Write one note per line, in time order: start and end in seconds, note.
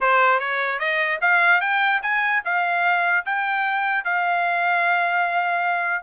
0.01 0.39 C5
0.39 0.79 C#5
0.79 1.19 D#5
1.21 1.61 F5
1.61 2.01 G5
2.02 2.42 G#5
2.44 3.25 F5
3.25 4.04 G5
4.04 6.03 F5